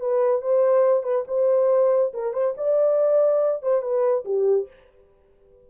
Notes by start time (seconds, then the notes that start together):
0.00 B4
0.42 C5
1.03 B4
1.28 C5
2.14 A#4
2.33 C5
2.57 D5
3.62 C5
3.82 B4
4.25 G4